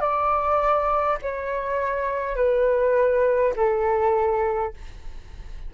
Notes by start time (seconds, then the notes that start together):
0.00 D5
1.22 C#5
2.36 B4
3.56 A4